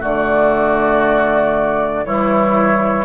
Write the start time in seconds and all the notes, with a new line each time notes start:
0.00 D3 A3 F#4 D5
2.05 E3 G3 E4 C#5